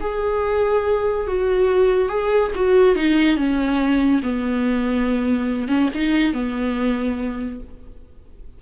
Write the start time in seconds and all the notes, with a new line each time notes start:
0.00 G#4
1.27 F#4
2.09 G#4
2.55 F#4
2.95 D#4
3.36 C#4
4.23 B3
5.68 C#4
5.94 D#4
6.33 B3